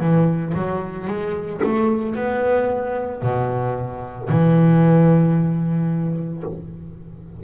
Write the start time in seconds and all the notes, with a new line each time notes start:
0.00 E3
0.54 F#3
1.07 G#3
1.63 A3
2.15 B3
3.22 B2
4.29 E3